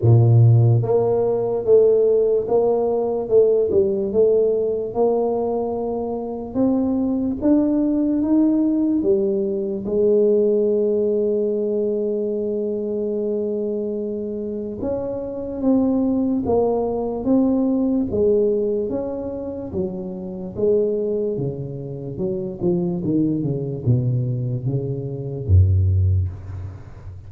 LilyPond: \new Staff \with { instrumentName = "tuba" } { \time 4/4 \tempo 4 = 73 ais,4 ais4 a4 ais4 | a8 g8 a4 ais2 | c'4 d'4 dis'4 g4 | gis1~ |
gis2 cis'4 c'4 | ais4 c'4 gis4 cis'4 | fis4 gis4 cis4 fis8 f8 | dis8 cis8 b,4 cis4 fis,4 | }